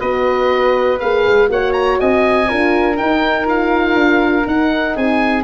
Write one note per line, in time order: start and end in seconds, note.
0.00 1.01 B3
0.00 0.99 F#4
0.00 1.49 B4
0.00 1.00 D#5
1.00 1.28 A#3
1.00 1.48 G#4
1.00 1.49 F5
1.28 1.49 G#3
1.48 1.99 A#3
1.48 2.48 F#4
1.48 2.01 C#5
1.48 1.73 F#5
1.73 1.98 A#5
2.01 2.51 C4
2.01 2.49 D#5
2.01 2.98 G#5
2.49 3.01 D4
2.49 2.96 F4
2.49 4.96 A#4
2.96 3.46 D#4
2.96 3.47 G5
3.02 3.96 D#4
3.46 4.45 F4
3.46 4.48 F5
3.96 4.45 D4
4.46 5.44 D#4
4.46 4.97 D#4
4.46 4.97 F#5
4.96 5.44 C4
4.96 5.44 G#4
4.96 5.44 G#5